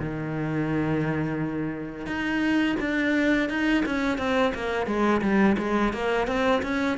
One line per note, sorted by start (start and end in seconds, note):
0.00 2.07 D#3
2.07 2.77 D#4
2.80 3.49 D4
3.49 3.84 D#4
3.86 4.18 C#4
4.18 4.53 C4
4.55 4.87 A#3
4.87 5.22 G#3
5.22 5.57 G3
5.58 5.93 G#3
5.93 6.28 A#3
6.28 6.62 C4
6.63 6.98 C#4